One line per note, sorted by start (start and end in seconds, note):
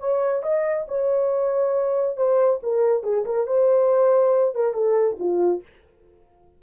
0.00 0.43 C#5
0.43 0.87 D#5
0.88 2.17 C#5
2.17 2.60 C5
2.63 3.04 A#4
3.04 3.25 G#4
3.26 3.47 A#4
3.47 4.55 C5
4.55 4.74 A#4
4.74 5.17 A4
5.20 5.63 F4